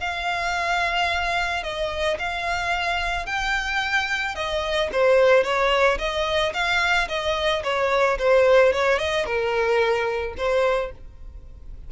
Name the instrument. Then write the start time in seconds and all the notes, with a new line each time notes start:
violin
0.00 F5
1.63 D#5
2.19 F5
3.26 G5
4.35 D#5
4.92 C5
5.44 C#5
5.99 D#5
6.54 F5
7.08 D#5
7.64 C#5
8.18 C5
8.73 C#5
8.99 D#5
9.26 A#4
10.37 C5